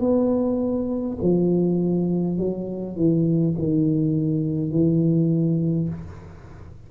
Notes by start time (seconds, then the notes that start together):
0.00 B3
1.22 F3
2.37 F#3
2.96 E3
3.58 D#3
4.71 E3